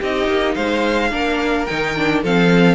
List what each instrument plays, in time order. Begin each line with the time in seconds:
0.00 cello C4, viola D#4, violin G4 D#5
0.27 cello A#3
0.54 cello G#3, violin C5 F5
1.11 cello A#3, viola D4, violin A#4
1.65 cello D#3, viola D#4, violin G5
1.96 viola D4
2.22 cello F3, viola C4, violin A4 F5